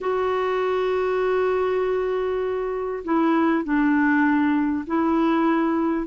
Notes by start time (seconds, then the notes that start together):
0.00 F#4
3.04 E4
3.64 D4
4.86 E4